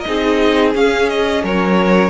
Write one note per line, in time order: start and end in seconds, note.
0.00 0.74 D#4
0.00 0.69 D#5
0.06 0.75 C4
0.06 1.43 G#4
0.74 2.09 C#4
0.74 1.43 C#4
0.74 1.09 F5
1.09 1.44 D#5
1.43 2.09 F#3
1.43 2.09 A#4
1.43 2.09 C#5